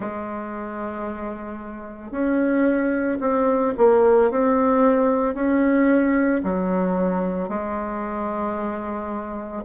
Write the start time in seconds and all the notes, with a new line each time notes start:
0.00 G#3
2.11 C#4
3.20 C4
3.77 A#3
4.31 C4
5.34 C#4
6.43 F#3
7.48 G#3